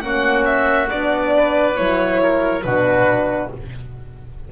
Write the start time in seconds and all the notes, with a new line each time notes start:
0.00 A#3 C#4 F#4 F#5
0.45 E5
0.88 B3 D4 D5
1.36 B4
1.75 F#3 E4 C#5
2.22 A#4
2.62 B2 D4 F#4 B4